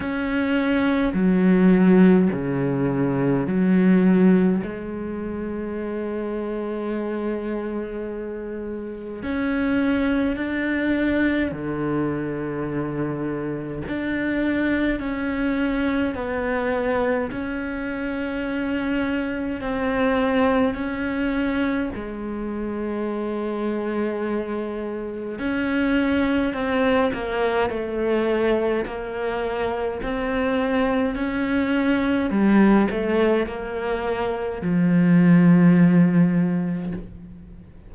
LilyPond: \new Staff \with { instrumentName = "cello" } { \time 4/4 \tempo 4 = 52 cis'4 fis4 cis4 fis4 | gis1 | cis'4 d'4 d2 | d'4 cis'4 b4 cis'4~ |
cis'4 c'4 cis'4 gis4~ | gis2 cis'4 c'8 ais8 | a4 ais4 c'4 cis'4 | g8 a8 ais4 f2 | }